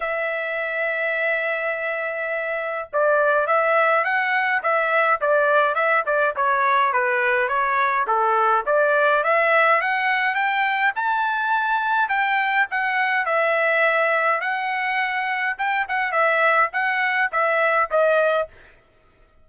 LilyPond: \new Staff \with { instrumentName = "trumpet" } { \time 4/4 \tempo 4 = 104 e''1~ | e''4 d''4 e''4 fis''4 | e''4 d''4 e''8 d''8 cis''4 | b'4 cis''4 a'4 d''4 |
e''4 fis''4 g''4 a''4~ | a''4 g''4 fis''4 e''4~ | e''4 fis''2 g''8 fis''8 | e''4 fis''4 e''4 dis''4 | }